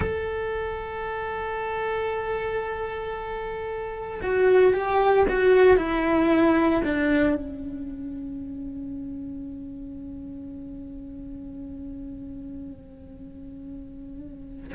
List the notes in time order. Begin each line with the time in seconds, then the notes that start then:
0.00 A4
4.22 F#4
4.73 G4
5.28 F#4
5.77 E4
6.84 D4
7.34 C#4